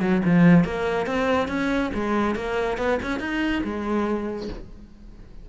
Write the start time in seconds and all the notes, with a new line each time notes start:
0.00 F#3
0.25 F3
0.64 A#3
1.06 C4
1.48 C#4
1.94 G#3
2.35 A#3
2.77 B3
3.02 C#4
3.19 D#4
3.63 G#3